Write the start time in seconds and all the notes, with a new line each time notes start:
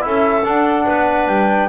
0.00 C#4 E4 A4 E5
0.43 D4 F#5
0.86 B3 B4
1.27 G3 G5